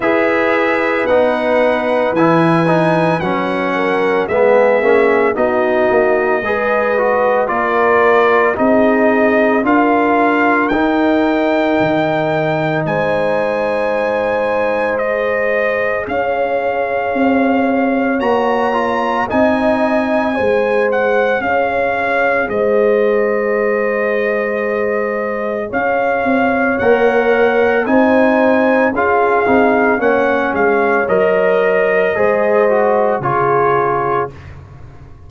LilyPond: <<
  \new Staff \with { instrumentName = "trumpet" } { \time 4/4 \tempo 4 = 56 e''4 fis''4 gis''4 fis''4 | e''4 dis''2 d''4 | dis''4 f''4 g''2 | gis''2 dis''4 f''4~ |
f''4 ais''4 gis''4. fis''8 | f''4 dis''2. | f''4 fis''4 gis''4 f''4 | fis''8 f''8 dis''2 cis''4 | }
  \new Staff \with { instrumentName = "horn" } { \time 4/4 b'2.~ b'8 ais'8 | gis'4 fis'4 b'4 ais'4 | gis'4 ais'2. | c''2. cis''4~ |
cis''2 dis''4 c''4 | cis''4 c''2. | cis''2 c''4 gis'4 | cis''2 c''4 gis'4 | }
  \new Staff \with { instrumentName = "trombone" } { \time 4/4 gis'4 dis'4 e'8 dis'8 cis'4 | b8 cis'8 dis'4 gis'8 fis'8 f'4 | dis'4 f'4 dis'2~ | dis'2 gis'2~ |
gis'4 fis'8 f'8 dis'4 gis'4~ | gis'1~ | gis'4 ais'4 dis'4 f'8 dis'8 | cis'4 ais'4 gis'8 fis'8 f'4 | }
  \new Staff \with { instrumentName = "tuba" } { \time 4/4 e'4 b4 e4 fis4 | gis8 ais8 b8 ais8 gis4 ais4 | c'4 d'4 dis'4 dis4 | gis2. cis'4 |
c'4 ais4 c'4 gis4 | cis'4 gis2. | cis'8 c'8 ais4 c'4 cis'8 c'8 | ais8 gis8 fis4 gis4 cis4 | }
>>